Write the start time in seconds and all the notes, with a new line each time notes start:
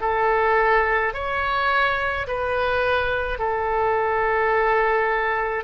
0.00 A4
1.13 C#5
2.26 B4
3.38 A4